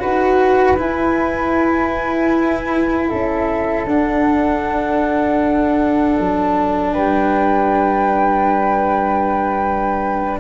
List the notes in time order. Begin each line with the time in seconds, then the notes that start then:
0.00 D#4 F#4 B4 F#5
0.78 E4 G#5
3.09 C#4 A4 E5
3.86 D4 F#5
6.21 F#3 A5
6.93 G3 B4 G5